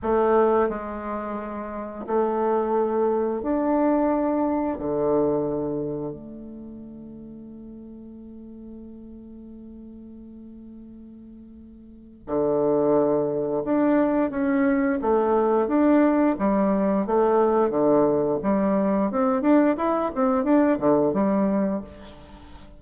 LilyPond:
\new Staff \with { instrumentName = "bassoon" } { \time 4/4 \tempo 4 = 88 a4 gis2 a4~ | a4 d'2 d4~ | d4 a2.~ | a1~ |
a2 d2 | d'4 cis'4 a4 d'4 | g4 a4 d4 g4 | c'8 d'8 e'8 c'8 d'8 d8 g4 | }